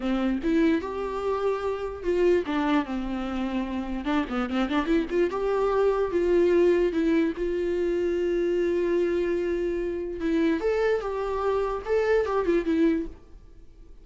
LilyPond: \new Staff \with { instrumentName = "viola" } { \time 4/4 \tempo 4 = 147 c'4 e'4 g'2~ | g'4 f'4 d'4 c'4~ | c'2 d'8 b8 c'8 d'8 | e'8 f'8 g'2 f'4~ |
f'4 e'4 f'2~ | f'1~ | f'4 e'4 a'4 g'4~ | g'4 a'4 g'8 f'8 e'4 | }